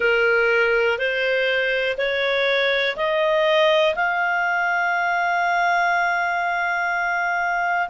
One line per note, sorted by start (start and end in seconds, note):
0.00 0.98 A#4
0.98 1.97 C5
1.97 2.96 C#5
2.96 3.94 D#5
3.95 7.88 F5